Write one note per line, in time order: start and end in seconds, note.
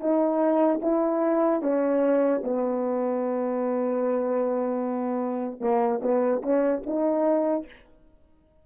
0.00 0.80 D#4
0.82 1.62 E4
1.62 2.42 C#4
2.43 5.60 B3
5.60 6.00 A#3
6.02 6.42 B3
6.42 6.82 C#4
6.86 7.66 D#4